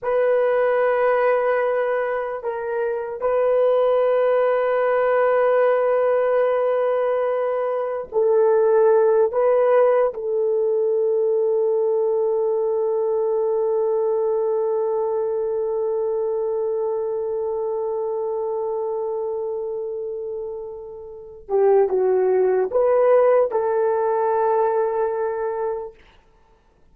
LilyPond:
\new Staff \with { instrumentName = "horn" } { \time 4/4 \tempo 4 = 74 b'2. ais'4 | b'1~ | b'2 a'4. b'8~ | b'8 a'2.~ a'8~ |
a'1~ | a'1~ | a'2~ a'8 g'8 fis'4 | b'4 a'2. | }